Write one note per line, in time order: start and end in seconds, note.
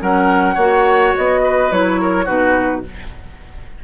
0.00 0.57 F#3
0.00 0.57 C#4
0.00 0.55 A#4
0.00 1.15 F#5
0.55 1.13 A#3
0.55 1.71 F#4
0.55 1.40 C#5
1.16 1.71 B3
1.16 1.72 D#5
1.44 2.00 B4
1.71 2.27 F#3
1.71 2.26 E4
1.71 2.27 C#5
2.02 2.25 A#4
2.25 2.84 B2
2.25 2.82 D#4
2.25 2.82 F#4
2.25 2.84 B4